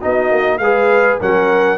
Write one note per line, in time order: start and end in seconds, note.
0.00 0.31 B3
0.00 0.60 D#4
0.00 0.59 F#4
0.00 0.58 D#5
0.31 0.59 A#3
0.58 1.18 G#3
0.58 1.21 G#4
0.58 1.20 B4
0.58 1.17 F5
1.20 1.78 F#3
1.20 1.78 C#4
1.20 1.78 A#4
1.20 1.78 F#5